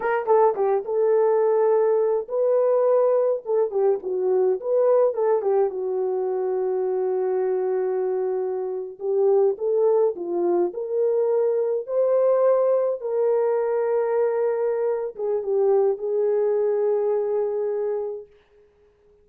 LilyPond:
\new Staff \with { instrumentName = "horn" } { \time 4/4 \tempo 4 = 105 ais'8 a'8 g'8 a'2~ a'8 | b'2 a'8 g'8 fis'4 | b'4 a'8 g'8 fis'2~ | fis'2.~ fis'8. g'16~ |
g'8. a'4 f'4 ais'4~ ais'16~ | ais'8. c''2 ais'4~ ais'16~ | ais'2~ ais'8 gis'8 g'4 | gis'1 | }